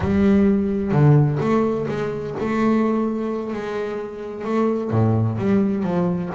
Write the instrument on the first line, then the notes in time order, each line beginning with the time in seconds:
double bass
0.00 G3
0.91 D3
1.40 A3
1.88 G#3
2.39 A3
3.53 G#3
4.44 A3
4.90 A2
5.38 G3
5.83 F3